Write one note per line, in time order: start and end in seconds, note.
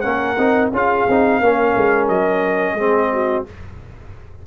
0.00 0.37 A#3
0.00 0.37 C#4
0.00 0.71 A#4
0.00 0.68 F#5
0.37 0.71 C4
0.37 0.72 D#4
0.72 1.06 C#4
0.72 1.08 F4
0.72 1.40 G#4
0.72 2.08 F5
1.08 1.40 C4
1.08 1.42 D#4
1.40 1.74 A#3
1.40 2.78 C#4
1.40 2.74 A#4
1.76 2.08 G#3
2.08 2.73 F#3
2.08 3.44 D#5
2.73 3.41 G#3
2.73 3.46 C4
2.73 3.08 G#4
3.12 3.46 F#4